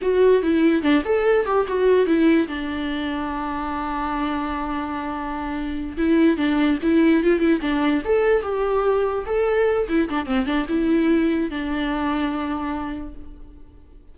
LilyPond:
\new Staff \with { instrumentName = "viola" } { \time 4/4 \tempo 4 = 146 fis'4 e'4 d'8 a'4 g'8 | fis'4 e'4 d'2~ | d'1~ | d'2~ d'8 e'4 d'8~ |
d'8 e'4 f'8 e'8 d'4 a'8~ | a'8 g'2 a'4. | e'8 d'8 c'8 d'8 e'2 | d'1 | }